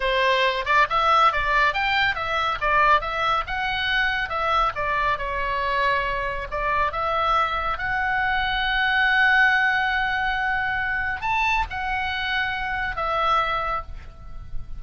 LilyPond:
\new Staff \with { instrumentName = "oboe" } { \time 4/4 \tempo 4 = 139 c''4. d''8 e''4 d''4 | g''4 e''4 d''4 e''4 | fis''2 e''4 d''4 | cis''2. d''4 |
e''2 fis''2~ | fis''1~ | fis''2 a''4 fis''4~ | fis''2 e''2 | }